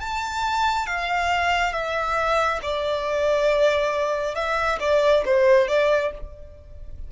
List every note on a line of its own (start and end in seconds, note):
0.00 0.87 A5
0.87 1.73 F5
1.73 2.60 E5
2.62 4.35 D5
4.35 4.78 E5
4.79 5.23 D5
5.25 5.68 C5
5.68 6.11 D5